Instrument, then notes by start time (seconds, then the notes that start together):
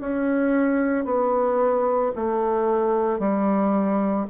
bassoon
0.00 C#4
1.04 B3
2.15 A3
3.19 G3